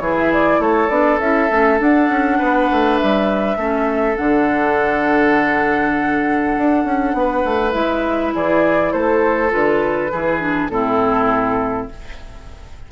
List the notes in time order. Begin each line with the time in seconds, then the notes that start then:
0.00 E3 E4 G#4 C#5
0.18 E5
0.33 D5
0.59 A3 A4 C#5
0.89 B3 D4 D5
1.20 C#4 E4 E5
1.49 A3 C#4
1.79 D4 F#5
2.10 C#4
2.39 B3 B4
2.72 A3
2.98 G3 E5
3.57 A3 C#4 A4
4.16 D3 D4 F#5
6.58 D4
6.85 C#4
7.13 B3 B4
7.45 A3
7.72 G#3 E4 E5
8.35 E3 G#4 D5
8.92 A3 A4 C5
9.50 D3 F4 B4
10.12 E3 E4 G#4
10.40 D4
10.70 A2 C4 E4 A4